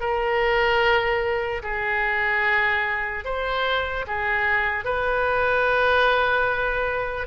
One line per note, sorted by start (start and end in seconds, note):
0.00 1.62 A#4
1.63 3.24 G#4
3.24 4.05 C5
4.07 4.84 G#4
4.84 7.27 B4